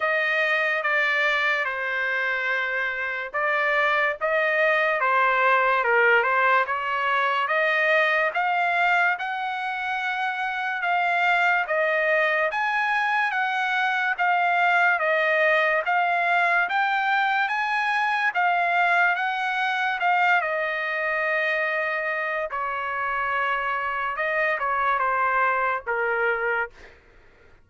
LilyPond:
\new Staff \with { instrumentName = "trumpet" } { \time 4/4 \tempo 4 = 72 dis''4 d''4 c''2 | d''4 dis''4 c''4 ais'8 c''8 | cis''4 dis''4 f''4 fis''4~ | fis''4 f''4 dis''4 gis''4 |
fis''4 f''4 dis''4 f''4 | g''4 gis''4 f''4 fis''4 | f''8 dis''2~ dis''8 cis''4~ | cis''4 dis''8 cis''8 c''4 ais'4 | }